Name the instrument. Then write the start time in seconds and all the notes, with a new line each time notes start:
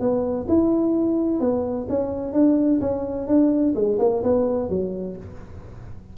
tuba
0.00 B3
0.48 E4
1.41 B3
1.89 C#4
2.33 D4
2.81 C#4
3.28 D4
3.75 G#3
3.99 A#3
4.23 B3
4.70 F#3